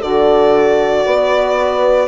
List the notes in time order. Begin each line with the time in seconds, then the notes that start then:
0.00 D3 F#4 A4 D5
1.05 B3 B4